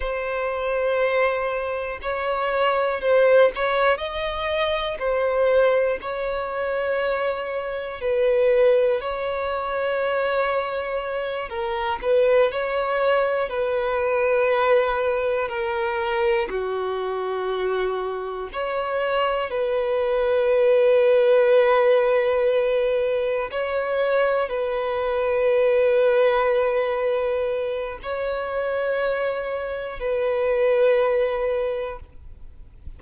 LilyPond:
\new Staff \with { instrumentName = "violin" } { \time 4/4 \tempo 4 = 60 c''2 cis''4 c''8 cis''8 | dis''4 c''4 cis''2 | b'4 cis''2~ cis''8 ais'8 | b'8 cis''4 b'2 ais'8~ |
ais'8 fis'2 cis''4 b'8~ | b'2.~ b'8 cis''8~ | cis''8 b'2.~ b'8 | cis''2 b'2 | }